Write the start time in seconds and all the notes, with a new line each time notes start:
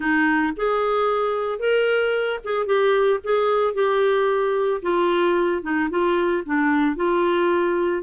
0.00 D#4
0.56 G#4
1.59 A#4
2.44 G#4
2.65 G4
3.23 G#4
3.74 G4
4.82 F4
5.62 D#4
5.90 F4
6.45 D4
6.96 F4